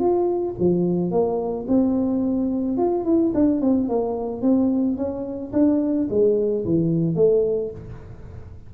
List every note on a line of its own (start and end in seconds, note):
0.00 0.55 F4
0.59 1.11 F3
1.11 1.66 A#3
1.68 2.78 C4
2.78 3.05 F4
3.05 3.33 E4
3.35 3.62 D4
3.62 3.89 C4
3.89 4.42 A#3
4.42 4.97 C4
4.97 5.52 C#4
5.53 6.08 D4
6.10 6.65 G#3
6.66 7.16 E3
7.16 7.71 A3